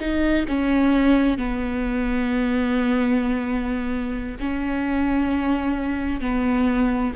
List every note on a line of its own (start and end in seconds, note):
0.00 0.46 D#4
0.48 1.38 C#4
1.38 4.38 B3
4.40 6.21 C#4
6.21 7.13 B3